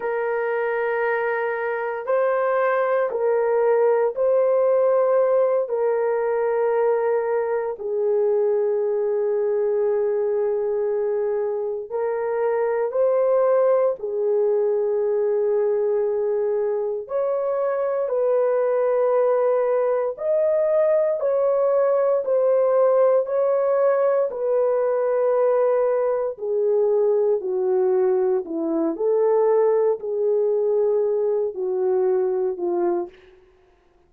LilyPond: \new Staff \with { instrumentName = "horn" } { \time 4/4 \tempo 4 = 58 ais'2 c''4 ais'4 | c''4. ais'2 gis'8~ | gis'2.~ gis'8 ais'8~ | ais'8 c''4 gis'2~ gis'8~ |
gis'8 cis''4 b'2 dis''8~ | dis''8 cis''4 c''4 cis''4 b'8~ | b'4. gis'4 fis'4 e'8 | a'4 gis'4. fis'4 f'8 | }